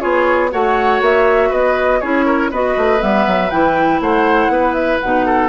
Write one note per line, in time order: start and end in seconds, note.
0.00 0.53 B3
0.00 0.50 F4
0.00 0.51 G#4
0.00 0.50 C#5
0.51 1.01 A3
0.51 2.01 F#4
0.51 1.50 C#5
0.51 1.02 F#5
1.01 1.51 A#3
1.01 1.53 E5
1.50 2.01 B3
1.50 2.00 B4
1.50 2.00 D#5
2.00 2.51 C#4
2.00 2.52 E4
2.00 2.26 G#4
2.00 2.50 C#5
2.26 2.51 A#4
2.51 2.76 B3
2.51 2.99 F#4
2.51 4.01 B4
2.51 3.02 D#5
2.77 3.02 A3
2.99 3.27 G3
2.99 3.49 B3
2.99 3.50 E5
3.27 3.52 F#3
3.50 4.00 E3
3.50 5.02 E4
3.50 4.00 G5
4.00 4.49 A3
4.00 4.52 C5
4.00 4.74 F#5
4.49 4.99 B3
4.49 5.26 B4
4.74 4.99 E5
5.01 5.49 B2
5.01 5.49 D#4
5.01 5.49 F#5
5.26 5.49 A4